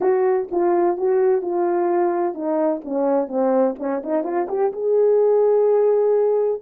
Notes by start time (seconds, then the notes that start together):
0.00 F#4
0.51 F4
0.97 F#4
1.41 F4
2.34 D#4
2.84 C#4
3.27 C4
3.78 C#4
4.03 D#4
4.23 F4
4.48 G4
4.72 G#4